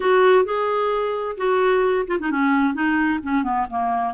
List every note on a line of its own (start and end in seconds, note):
0.00 0.45 F#4
0.45 1.36 G#4
1.37 2.05 F#4
2.07 2.18 F4
2.19 2.30 D#4
2.30 2.74 C#4
2.74 3.19 D#4
3.22 3.43 C#4
3.43 3.66 B3
3.69 4.13 A#3